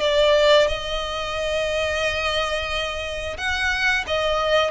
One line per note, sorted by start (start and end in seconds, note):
0.00 0.67 D5
0.67 3.36 D#5
3.37 4.04 F#5
4.07 4.70 D#5